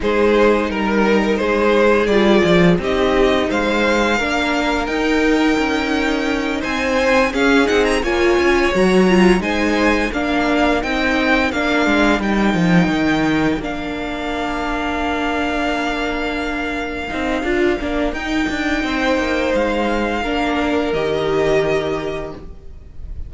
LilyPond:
<<
  \new Staff \with { instrumentName = "violin" } { \time 4/4 \tempo 4 = 86 c''4 ais'4 c''4 d''4 | dis''4 f''2 g''4~ | g''4. gis''4 f''8 fis''16 ais''16 gis''8~ | gis''8 ais''4 gis''4 f''4 g''8~ |
g''8 f''4 g''2 f''8~ | f''1~ | f''2 g''2 | f''2 dis''2 | }
  \new Staff \with { instrumentName = "violin" } { \time 4/4 gis'4 ais'4 gis'2 | g'4 c''4 ais'2~ | ais'4. c''4 gis'4 cis''8~ | cis''4. c''4 ais'4.~ |
ais'1~ | ais'1~ | ais'2. c''4~ | c''4 ais'2. | }
  \new Staff \with { instrumentName = "viola" } { \time 4/4 dis'2. f'4 | dis'2 d'4 dis'4~ | dis'2~ dis'8 cis'8 dis'8 f'8~ | f'8 fis'8 f'8 dis'4 d'4 dis'8~ |
dis'8 d'4 dis'2 d'8~ | d'1~ | d'8 dis'8 f'8 d'8 dis'2~ | dis'4 d'4 g'2 | }
  \new Staff \with { instrumentName = "cello" } { \time 4/4 gis4 g4 gis4 g8 f8 | c'4 gis4 ais4 dis'4 | cis'4. c'4 cis'8 c'8 ais8 | cis'8 fis4 gis4 ais4 c'8~ |
c'8 ais8 gis8 g8 f8 dis4 ais8~ | ais1~ | ais8 c'8 d'8 ais8 dis'8 d'8 c'8 ais8 | gis4 ais4 dis2 | }
>>